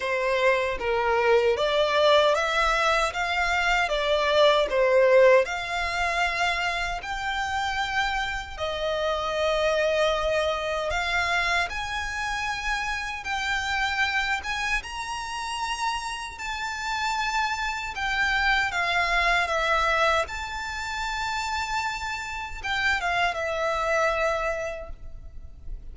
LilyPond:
\new Staff \with { instrumentName = "violin" } { \time 4/4 \tempo 4 = 77 c''4 ais'4 d''4 e''4 | f''4 d''4 c''4 f''4~ | f''4 g''2 dis''4~ | dis''2 f''4 gis''4~ |
gis''4 g''4. gis''8 ais''4~ | ais''4 a''2 g''4 | f''4 e''4 a''2~ | a''4 g''8 f''8 e''2 | }